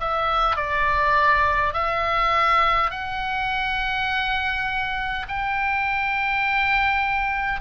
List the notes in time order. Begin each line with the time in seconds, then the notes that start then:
0.00 E5
0.56 D5
1.73 E5
2.90 F#5
5.28 G5